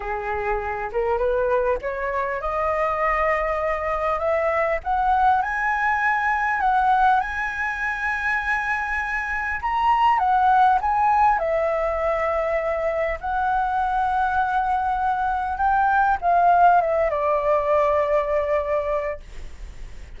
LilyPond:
\new Staff \with { instrumentName = "flute" } { \time 4/4 \tempo 4 = 100 gis'4. ais'8 b'4 cis''4 | dis''2. e''4 | fis''4 gis''2 fis''4 | gis''1 |
ais''4 fis''4 gis''4 e''4~ | e''2 fis''2~ | fis''2 g''4 f''4 | e''8 d''2.~ d''8 | }